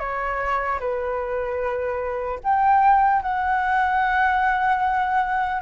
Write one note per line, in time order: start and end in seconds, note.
0.00 0.80 C#5
0.80 2.40 B4
2.44 3.23 G5
3.23 5.62 F#5